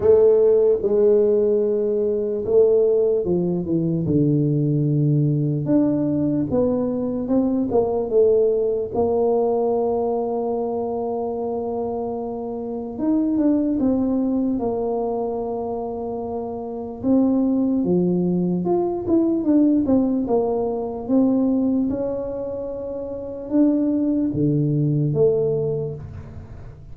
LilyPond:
\new Staff \with { instrumentName = "tuba" } { \time 4/4 \tempo 4 = 74 a4 gis2 a4 | f8 e8 d2 d'4 | b4 c'8 ais8 a4 ais4~ | ais1 |
dis'8 d'8 c'4 ais2~ | ais4 c'4 f4 f'8 e'8 | d'8 c'8 ais4 c'4 cis'4~ | cis'4 d'4 d4 a4 | }